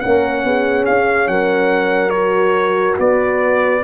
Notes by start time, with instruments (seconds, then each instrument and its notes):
0.00 tuba A#3, horn C#4 A#4, trumpet F#5
0.44 tuba B3, horn G#4
0.86 tuba C#4, trumpet F5
1.27 tuba F#3, horn A#4, trumpet F#5
2.10 horn F#4, trumpet C#5
2.99 tuba B3, horn B4, trumpet D5